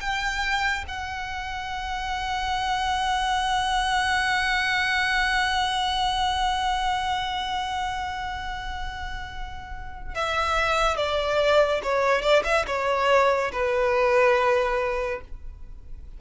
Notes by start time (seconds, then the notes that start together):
0.00 G5
0.88 F#5
10.14 E5
10.97 D5
11.83 C#5
12.22 D5
12.44 E5
12.67 C#5
13.52 B4